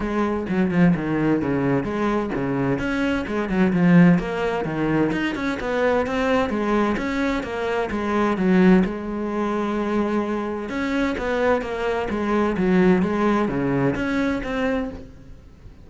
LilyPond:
\new Staff \with { instrumentName = "cello" } { \time 4/4 \tempo 4 = 129 gis4 fis8 f8 dis4 cis4 | gis4 cis4 cis'4 gis8 fis8 | f4 ais4 dis4 dis'8 cis'8 | b4 c'4 gis4 cis'4 |
ais4 gis4 fis4 gis4~ | gis2. cis'4 | b4 ais4 gis4 fis4 | gis4 cis4 cis'4 c'4 | }